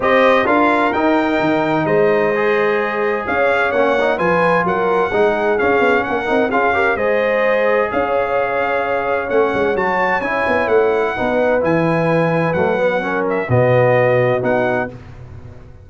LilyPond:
<<
  \new Staff \with { instrumentName = "trumpet" } { \time 4/4 \tempo 4 = 129 dis''4 f''4 g''2 | dis''2. f''4 | fis''4 gis''4 fis''2 | f''4 fis''4 f''4 dis''4~ |
dis''4 f''2. | fis''4 a''4 gis''4 fis''4~ | fis''4 gis''2 fis''4~ | fis''8 e''8 dis''2 fis''4 | }
  \new Staff \with { instrumentName = "horn" } { \time 4/4 c''4 ais'2. | c''2. cis''4~ | cis''4 b'4 ais'4 gis'4~ | gis'4 ais'4 gis'8 ais'8 c''4~ |
c''4 cis''2.~ | cis''1 | b'1 | ais'4 fis'2. | }
  \new Staff \with { instrumentName = "trombone" } { \time 4/4 g'4 f'4 dis'2~ | dis'4 gis'2. | cis'8 dis'8 f'2 dis'4 | cis'4. dis'8 f'8 g'8 gis'4~ |
gis'1 | cis'4 fis'4 e'2 | dis'4 e'2 a8 b8 | cis'4 b2 dis'4 | }
  \new Staff \with { instrumentName = "tuba" } { \time 4/4 c'4 d'4 dis'4 dis4 | gis2. cis'4 | ais4 f4 fis4 gis4 | cis'8 b8 ais8 c'8 cis'4 gis4~ |
gis4 cis'2. | a8 gis8 fis4 cis'8 b8 a4 | b4 e2 fis4~ | fis4 b,2 b4 | }
>>